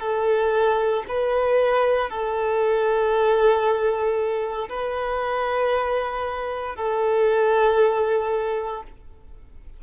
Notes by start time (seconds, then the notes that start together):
0.00 A4
1.09 B4
2.10 A4
4.69 B4
6.76 A4